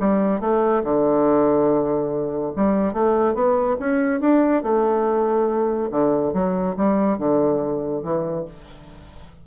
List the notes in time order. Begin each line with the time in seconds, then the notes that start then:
0.00 G3
0.40 A3
0.84 D3
2.56 G3
2.93 A3
3.34 B3
3.80 C#4
4.20 D4
4.63 A3
5.91 D3
6.33 F#3
6.77 G3
7.18 D3
8.03 E3